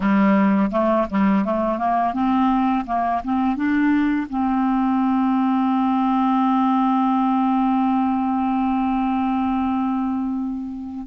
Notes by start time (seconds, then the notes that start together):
0.00 G3
0.71 A3
1.09 G3
1.44 A3
1.78 A#3
2.13 C4
2.86 A#3
3.23 C4
3.56 D4
4.29 C4